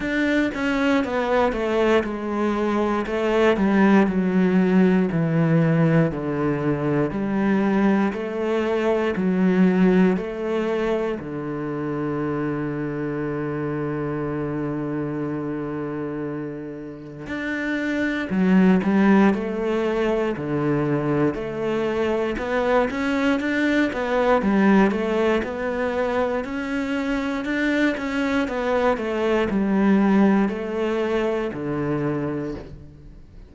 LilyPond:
\new Staff \with { instrumentName = "cello" } { \time 4/4 \tempo 4 = 59 d'8 cis'8 b8 a8 gis4 a8 g8 | fis4 e4 d4 g4 | a4 fis4 a4 d4~ | d1~ |
d4 d'4 fis8 g8 a4 | d4 a4 b8 cis'8 d'8 b8 | g8 a8 b4 cis'4 d'8 cis'8 | b8 a8 g4 a4 d4 | }